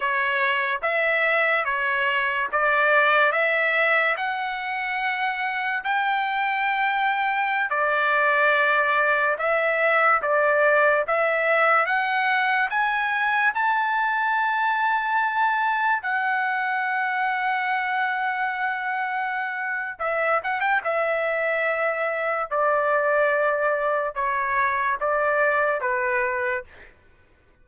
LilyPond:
\new Staff \with { instrumentName = "trumpet" } { \time 4/4 \tempo 4 = 72 cis''4 e''4 cis''4 d''4 | e''4 fis''2 g''4~ | g''4~ g''16 d''2 e''8.~ | e''16 d''4 e''4 fis''4 gis''8.~ |
gis''16 a''2. fis''8.~ | fis''1 | e''8 fis''16 g''16 e''2 d''4~ | d''4 cis''4 d''4 b'4 | }